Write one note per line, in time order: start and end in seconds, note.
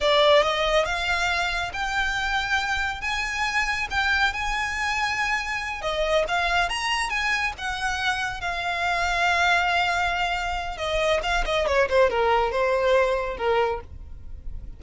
0.00 0.42 D5
0.42 0.85 D#5
0.85 1.71 F5
1.73 3.01 G5
3.01 3.87 G#5
3.90 4.33 G5
4.33 5.81 G#5
5.81 6.24 D#5
6.27 6.69 F5
6.69 7.09 A#5
7.09 7.52 G#5
7.58 8.40 F#5
8.40 10.77 F5
10.77 11.20 D#5
11.22 11.44 F5
11.45 11.66 D#5
11.66 11.88 C#5
11.89 12.09 C5
12.09 12.51 A#4
12.51 13.37 C5
13.37 13.80 A#4